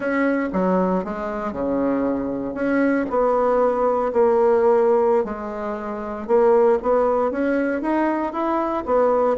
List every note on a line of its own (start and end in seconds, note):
0.00 0.49 C#4
0.53 1.04 F#3
1.04 1.52 G#3
1.52 2.54 C#3
2.54 3.05 C#4
3.10 4.12 B3
4.12 5.24 A#3
5.24 6.27 G#3
6.27 6.78 A#3
6.82 7.31 B3
7.31 7.81 C#4
7.81 8.32 D#4
8.32 8.84 E4
8.85 9.37 B3